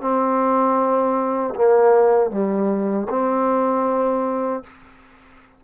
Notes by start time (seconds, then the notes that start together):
0.00 C4
1.55 A#3
2.30 G3
3.09 C4